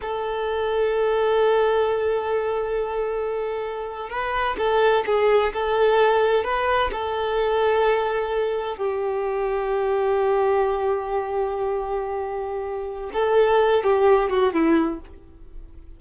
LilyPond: \new Staff \with { instrumentName = "violin" } { \time 4/4 \tempo 4 = 128 a'1~ | a'1~ | a'8. b'4 a'4 gis'4 a'16~ | a'4.~ a'16 b'4 a'4~ a'16~ |
a'2~ a'8. g'4~ g'16~ | g'1~ | g'1 | a'4. g'4 fis'8 e'4 | }